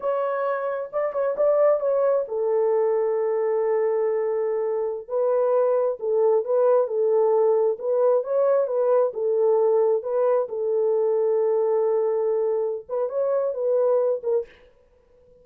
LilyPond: \new Staff \with { instrumentName = "horn" } { \time 4/4 \tempo 4 = 133 cis''2 d''8 cis''8 d''4 | cis''4 a'2.~ | a'2.~ a'16 b'8.~ | b'4~ b'16 a'4 b'4 a'8.~ |
a'4~ a'16 b'4 cis''4 b'8.~ | b'16 a'2 b'4 a'8.~ | a'1~ | a'8 b'8 cis''4 b'4. ais'8 | }